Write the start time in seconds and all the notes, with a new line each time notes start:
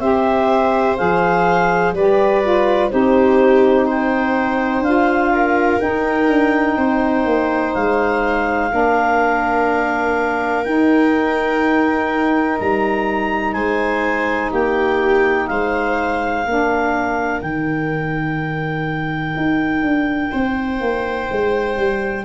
0.00 C4 G4 C5 E5
0.97 F3 G#4 F5
1.93 G3 G4 B4 D5
2.43 F4
2.90 C4 D#4 G4 C5
3.87 C5 G5
4.80 D4 F4 F5
5.33 A#4
5.79 D#4 G5
6.28 D4
6.77 C4 C5
7.25 A#3
7.74 G#3 F5
8.71 A#3 D4 A#4
10.64 D#4 G5
12.60 G3 A#5
13.53 G#3 C5 G#5
14.51 A#3 G4 G5
15.48 G#3 C5 F5
16.46 A#3 D4 A#4
17.42 D#3 D#4 G5
19.36 D#4
19.82 D4
20.31 C4 C5
20.81 A#3
21.31 G#3
21.77 G3